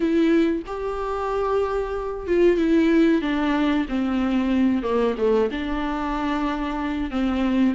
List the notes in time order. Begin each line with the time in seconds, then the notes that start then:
0.00 E4
0.66 G4
2.27 F4
2.57 E4
3.21 D4
3.89 C4
4.82 A#3
5.18 A3
5.51 D4
7.10 C4